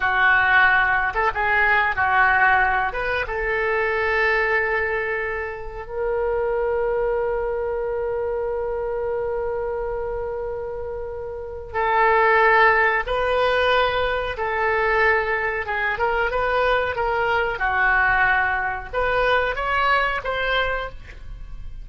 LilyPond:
\new Staff \with { instrumentName = "oboe" } { \time 4/4 \tempo 4 = 92 fis'4.~ fis'16 a'16 gis'4 fis'4~ | fis'8 b'8 a'2.~ | a'4 ais'2.~ | ais'1~ |
ais'2 a'2 | b'2 a'2 | gis'8 ais'8 b'4 ais'4 fis'4~ | fis'4 b'4 cis''4 c''4 | }